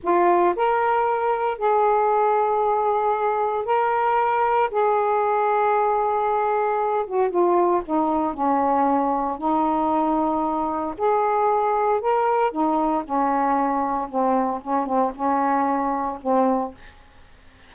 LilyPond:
\new Staff \with { instrumentName = "saxophone" } { \time 4/4 \tempo 4 = 115 f'4 ais'2 gis'4~ | gis'2. ais'4~ | ais'4 gis'2.~ | gis'4. fis'8 f'4 dis'4 |
cis'2 dis'2~ | dis'4 gis'2 ais'4 | dis'4 cis'2 c'4 | cis'8 c'8 cis'2 c'4 | }